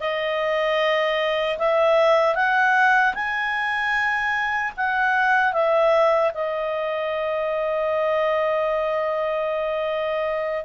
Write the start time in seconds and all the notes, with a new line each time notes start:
0.00 D#5
1.58 E5
2.35 F#5
3.14 G#5
4.77 F#5
5.53 E5
6.34 D#5